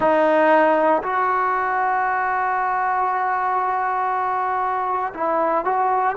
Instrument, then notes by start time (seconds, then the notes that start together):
trombone
0.00 D#4
1.03 F#4
5.14 E4
5.64 F#4